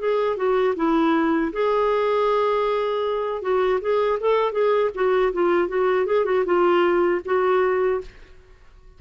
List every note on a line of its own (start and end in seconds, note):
0.00 0.37 G#4
0.37 0.75 F#4
0.76 1.52 E4
1.53 3.42 G#4
3.42 3.80 F#4
3.81 4.19 G#4
4.20 4.53 A4
4.53 4.91 G#4
4.95 5.33 F#4
5.33 5.68 F4
5.68 6.06 F#4
6.07 6.26 G#4
6.26 6.45 F#4
6.46 7.22 F4
7.26 8.02 F#4